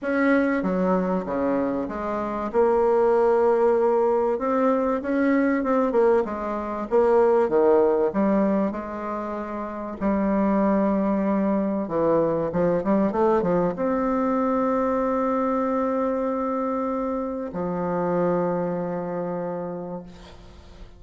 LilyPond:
\new Staff \with { instrumentName = "bassoon" } { \time 4/4 \tempo 4 = 96 cis'4 fis4 cis4 gis4 | ais2. c'4 | cis'4 c'8 ais8 gis4 ais4 | dis4 g4 gis2 |
g2. e4 | f8 g8 a8 f8 c'2~ | c'1 | f1 | }